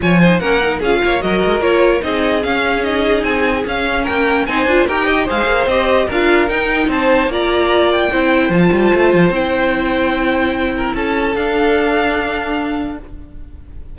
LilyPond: <<
  \new Staff \with { instrumentName = "violin" } { \time 4/4 \tempo 4 = 148 gis''4 fis''4 f''4 dis''4 | cis''4 dis''4 f''4 dis''4 | gis''4 f''4 g''4 gis''4 | g''4 f''4 dis''4 f''4 |
g''4 a''4 ais''4. g''8~ | g''4 a''2 g''4~ | g''2. a''4 | f''1 | }
  \new Staff \with { instrumentName = "violin" } { \time 4/4 cis''8 c''8 ais'4 gis'8 cis''8 ais'4~ | ais'4 gis'2.~ | gis'2 ais'4 c''4 | ais'8 dis''8 c''2 ais'4~ |
ais'4 c''4 d''2 | c''1~ | c''2~ c''8 ais'8 a'4~ | a'1 | }
  \new Staff \with { instrumentName = "viola" } { \time 4/4 f'8 dis'8 cis'8 dis'8 f'4 fis'4 | f'4 dis'4 cis'4 dis'4~ | dis'4 cis'2 dis'8 f'8 | g'4 gis'4 g'4 f'4 |
dis'2 f'2 | e'4 f'2 e'4~ | e'1 | d'1 | }
  \new Staff \with { instrumentName = "cello" } { \time 4/4 f4 ais4 cis'8 ais8 fis8 gis8 | ais4 c'4 cis'2 | c'4 cis'4 ais4 c'8 d'8 | dis'4 gis8 ais8 c'4 d'4 |
dis'4 c'4 ais2 | c'4 f8 g8 a8 f8 c'4~ | c'2. cis'4 | d'1 | }
>>